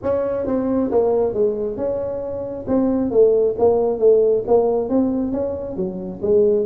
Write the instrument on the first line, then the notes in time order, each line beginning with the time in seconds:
tuba
0.02 C#4
0.46 C4
0.91 A#3
1.33 G#3
1.77 C#4
2.67 C4
3.10 A3
3.58 A#3
3.99 A3
4.47 A#3
4.89 C4
5.32 C#4
5.76 F#3
6.22 G#3